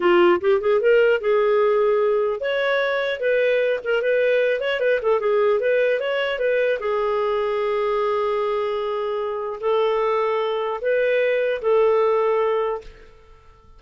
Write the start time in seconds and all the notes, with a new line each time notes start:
0.00 F4
0.40 G4
0.60 G#4
0.80 A#4
1.20 G#4
2.40 C#5
3.20 B4
3.83 A#4
4.02 B4
4.60 C#5
4.80 B4
5.01 A4
5.19 G#4
5.59 B4
5.99 C#5
6.39 B4
6.79 G#4
9.60 A4
10.81 B4
11.61 A4